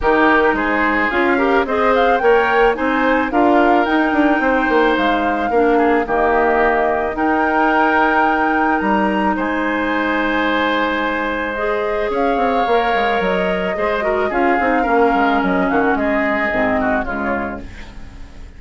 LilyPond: <<
  \new Staff \with { instrumentName = "flute" } { \time 4/4 \tempo 4 = 109 ais'4 c''4 f''4 dis''8 f''8 | g''4 gis''4 f''4 g''4~ | g''4 f''2 dis''4~ | dis''4 g''2. |
ais''4 gis''2.~ | gis''4 dis''4 f''2 | dis''2 f''2 | dis''8 f''16 fis''16 dis''2 cis''4 | }
  \new Staff \with { instrumentName = "oboe" } { \time 4/4 g'4 gis'4. ais'8 c''4 | cis''4 c''4 ais'2 | c''2 ais'8 gis'8 g'4~ | g'4 ais'2.~ |
ais'4 c''2.~ | c''2 cis''2~ | cis''4 c''8 ais'8 gis'4 ais'4~ | ais'8 fis'8 gis'4. fis'8 f'4 | }
  \new Staff \with { instrumentName = "clarinet" } { \time 4/4 dis'2 f'8 g'8 gis'4 | ais'4 dis'4 f'4 dis'4~ | dis'2 d'4 ais4~ | ais4 dis'2.~ |
dis'1~ | dis'4 gis'2 ais'4~ | ais'4 gis'8 fis'8 f'8 dis'8 cis'4~ | cis'2 c'4 gis4 | }
  \new Staff \with { instrumentName = "bassoon" } { \time 4/4 dis4 gis4 cis'4 c'4 | ais4 c'4 d'4 dis'8 d'8 | c'8 ais8 gis4 ais4 dis4~ | dis4 dis'2. |
g4 gis2.~ | gis2 cis'8 c'8 ais8 gis8 | fis4 gis4 cis'8 c'8 ais8 gis8 | fis8 dis8 gis4 gis,4 cis4 | }
>>